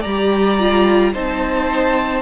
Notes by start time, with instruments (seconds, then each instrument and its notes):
0.00 cello G3, viola G4, violin D5 A#5
0.59 viola F4
1.13 cello C4, viola D#4, violin C5 A5